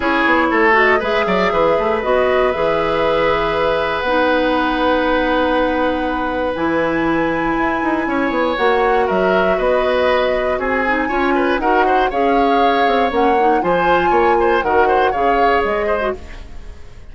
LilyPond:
<<
  \new Staff \with { instrumentName = "flute" } { \time 4/4 \tempo 4 = 119 cis''4. dis''8 e''2 | dis''4 e''2. | fis''1~ | fis''4 gis''2.~ |
gis''4 fis''4 e''4 dis''4~ | dis''4 gis''2 fis''4 | f''2 fis''4 gis''4~ | gis''4 fis''4 f''4 dis''4 | }
  \new Staff \with { instrumentName = "oboe" } { \time 4/4 gis'4 a'4 b'8 d''8 b'4~ | b'1~ | b'1~ | b'1 |
cis''2 ais'4 b'4~ | b'4 gis'4 cis''8 b'8 ais'8 c''8 | cis''2. c''4 | cis''8 c''8 ais'8 c''8 cis''4. c''8 | }
  \new Staff \with { instrumentName = "clarinet" } { \time 4/4 e'4. fis'8 gis'2 | fis'4 gis'2. | dis'1~ | dis'4 e'2.~ |
e'4 fis'2.~ | fis'4. dis'8 f'4 fis'4 | gis'2 cis'8 dis'8 f'4~ | f'4 fis'4 gis'4.~ gis'16 fis'16 | }
  \new Staff \with { instrumentName = "bassoon" } { \time 4/4 cis'8 b8 a4 gis8 fis8 e8 a8 | b4 e2. | b1~ | b4 e2 e'8 dis'8 |
cis'8 b8 ais4 fis4 b4~ | b4 c'4 cis'4 dis'4 | cis'4. c'8 ais4 f4 | ais4 dis4 cis4 gis4 | }
>>